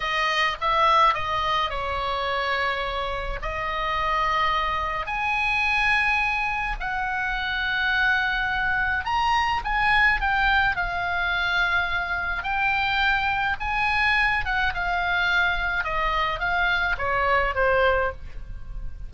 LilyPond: \new Staff \with { instrumentName = "oboe" } { \time 4/4 \tempo 4 = 106 dis''4 e''4 dis''4 cis''4~ | cis''2 dis''2~ | dis''4 gis''2. | fis''1 |
ais''4 gis''4 g''4 f''4~ | f''2 g''2 | gis''4. fis''8 f''2 | dis''4 f''4 cis''4 c''4 | }